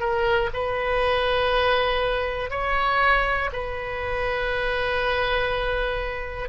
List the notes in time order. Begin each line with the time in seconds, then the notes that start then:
0.00 A#4
0.53 B4
2.50 C#5
3.53 B4